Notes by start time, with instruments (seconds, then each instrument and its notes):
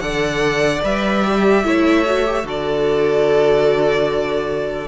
0.00 cello D3, viola A4, violin D5 F#5
0.84 cello G3, viola B4, violin E5
1.24 viola G4
1.64 cello A3, viola E4, violin C#5
2.06 viola F#4
2.26 viola G4
2.44 cello D3, viola F#4, violin A4 D5